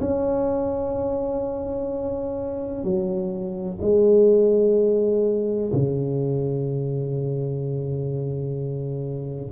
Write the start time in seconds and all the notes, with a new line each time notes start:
0.00 C#4
2.83 F#3
3.81 G#3
5.72 C#3